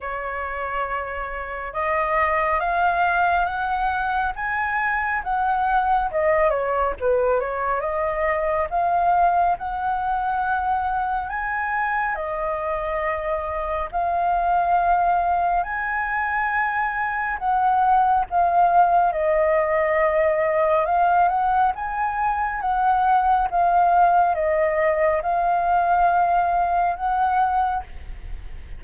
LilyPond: \new Staff \with { instrumentName = "flute" } { \time 4/4 \tempo 4 = 69 cis''2 dis''4 f''4 | fis''4 gis''4 fis''4 dis''8 cis''8 | b'8 cis''8 dis''4 f''4 fis''4~ | fis''4 gis''4 dis''2 |
f''2 gis''2 | fis''4 f''4 dis''2 | f''8 fis''8 gis''4 fis''4 f''4 | dis''4 f''2 fis''4 | }